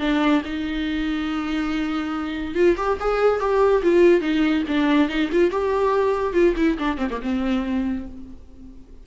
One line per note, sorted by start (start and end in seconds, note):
0.00 0.42 D4
0.45 2.55 D#4
2.55 2.77 F4
2.77 2.98 G4
3.01 3.40 G#4
3.40 3.82 G4
3.83 4.21 F4
4.21 4.64 D#4
4.68 5.09 D4
5.09 5.30 D#4
5.32 5.51 F4
5.51 6.34 G4
6.34 6.55 F4
6.57 6.78 E4
6.79 6.98 D4
6.98 7.09 C4
7.11 7.21 A#3
7.22 8.07 C4